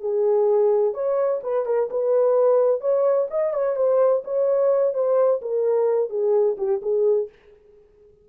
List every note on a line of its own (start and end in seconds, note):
0.00 0.94 G#4
0.94 1.41 C#5
1.43 1.66 B4
1.66 1.89 A#4
1.90 2.81 B4
2.81 3.28 C#5
3.30 3.53 D#5
3.54 3.76 C#5
3.76 4.23 C5
4.24 4.94 C#5
4.94 5.41 C5
5.41 6.09 A#4
6.09 6.56 G#4
6.57 6.81 G4
6.82 7.29 G#4